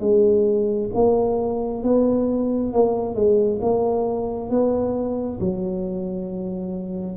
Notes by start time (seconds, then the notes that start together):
0.00 G#3
0.95 A#3
1.84 B3
2.73 A#3
3.15 G#3
3.62 A#3
4.50 B3
5.40 F#3